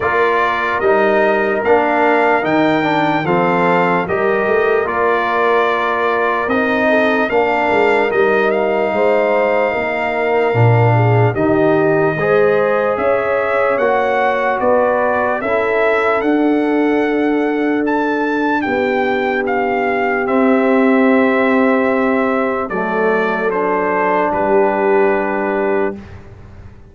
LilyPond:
<<
  \new Staff \with { instrumentName = "trumpet" } { \time 4/4 \tempo 4 = 74 d''4 dis''4 f''4 g''4 | f''4 dis''4 d''2 | dis''4 f''4 dis''8 f''4.~ | f''2 dis''2 |
e''4 fis''4 d''4 e''4 | fis''2 a''4 g''4 | f''4 e''2. | d''4 c''4 b'2 | }
  \new Staff \with { instrumentName = "horn" } { \time 4/4 ais'1 | a'4 ais'2.~ | ais'8 a'8 ais'2 c''4 | ais'4. gis'8 g'4 c''4 |
cis''2 b'4 a'4~ | a'2. g'4~ | g'1 | a'2 g'2 | }
  \new Staff \with { instrumentName = "trombone" } { \time 4/4 f'4 dis'4 d'4 dis'8 d'8 | c'4 g'4 f'2 | dis'4 d'4 dis'2~ | dis'4 d'4 dis'4 gis'4~ |
gis'4 fis'2 e'4 | d'1~ | d'4 c'2. | a4 d'2. | }
  \new Staff \with { instrumentName = "tuba" } { \time 4/4 ais4 g4 ais4 dis4 | f4 g8 a8 ais2 | c'4 ais8 gis8 g4 gis4 | ais4 ais,4 dis4 gis4 |
cis'4 ais4 b4 cis'4 | d'2. b4~ | b4 c'2. | fis2 g2 | }
>>